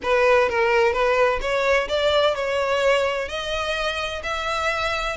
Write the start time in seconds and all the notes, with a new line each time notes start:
0.02 B4
0.49 A#4
0.92 B4
1.41 C#5
1.88 D5
2.35 C#5
3.28 D#5
4.23 E5